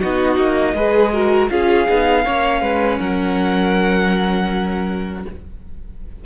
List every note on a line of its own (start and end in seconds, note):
0.00 0.36 B3
0.00 0.75 D#4
0.00 0.75 F#4
0.00 1.49 D#5
0.36 0.74 A#3
0.74 1.49 G#3
0.74 1.12 G#4
0.74 1.12 B4
1.12 1.49 F#4
1.12 1.50 A#4
1.49 1.88 C#4
1.49 1.86 F4
1.49 2.24 G#4
1.49 2.99 F5
1.88 2.25 B3
1.88 2.25 D#4
2.24 2.61 A#3
2.24 5.25 C#4
2.24 2.62 C#5
2.61 2.98 G#3
2.61 2.99 B4
2.99 5.25 F#3
2.99 5.24 A#4
2.99 5.24 F#5